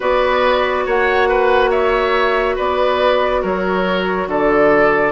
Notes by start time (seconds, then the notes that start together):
0.00 B3 F#4 B4 D5
0.86 A#3 C#5 F#5
1.28 B4
1.70 C#5 E5
2.55 B3 B4 D5
3.42 F#3 A#4 C#5
4.27 D3 A4 D5